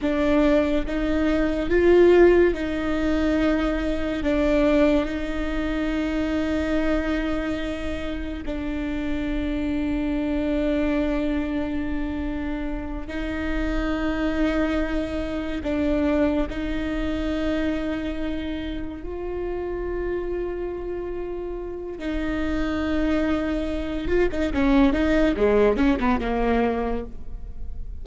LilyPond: \new Staff \with { instrumentName = "viola" } { \time 4/4 \tempo 4 = 71 d'4 dis'4 f'4 dis'4~ | dis'4 d'4 dis'2~ | dis'2 d'2~ | d'2.~ d'8 dis'8~ |
dis'2~ dis'8 d'4 dis'8~ | dis'2~ dis'8 f'4.~ | f'2 dis'2~ | dis'8 f'16 dis'16 cis'8 dis'8 gis8 cis'16 b16 ais4 | }